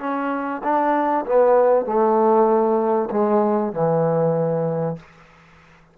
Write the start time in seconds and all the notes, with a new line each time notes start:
0.00 C#4
0.64 D4
1.26 B3
1.86 A3
3.11 G#3
3.73 E3